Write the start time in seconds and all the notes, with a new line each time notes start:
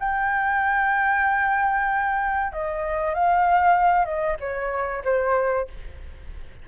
0.00 G5
2.53 D#5
3.15 F5
4.05 D#5
4.40 C#5
5.04 C5